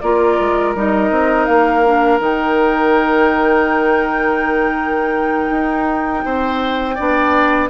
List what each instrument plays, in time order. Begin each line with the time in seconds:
0.00 bassoon A#3, clarinet F4, oboe A#4, flute D5
0.39 bassoon G#3
0.75 bassoon G3, clarinet D#4, flute D#5
1.11 bassoon C4
1.45 bassoon A#3, flute F5
1.85 clarinet D4
2.19 bassoon D#3, clarinet D#4, flute G5
5.50 bassoon D#4
6.25 bassoon C4, oboe C5
6.95 bassoon B3, clarinet D4, oboe D5